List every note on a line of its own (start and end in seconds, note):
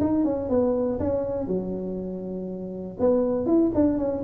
0.00 0.24 D#4
0.24 0.49 C#4
0.49 0.99 B3
1.00 1.47 C#4
1.47 2.97 F#3
3.00 3.46 B3
3.46 3.71 E4
3.74 3.98 D4
3.98 4.23 C#4